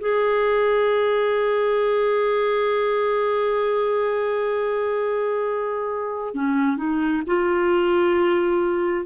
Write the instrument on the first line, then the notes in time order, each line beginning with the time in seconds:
clarinet
0.00 G#4
6.34 C#4
6.77 D#4
7.26 F4